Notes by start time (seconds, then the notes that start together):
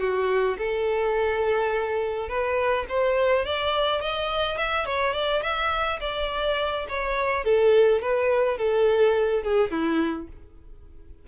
0.00 F#4
0.58 A4
2.29 B4
2.89 C5
3.45 D5
4.01 D#5
4.58 E5
4.85 C#5
5.14 D5
5.42 E5
6.00 D5
6.89 C#5
7.44 A4
8.02 B4
8.58 A4
9.43 G#4
9.70 E4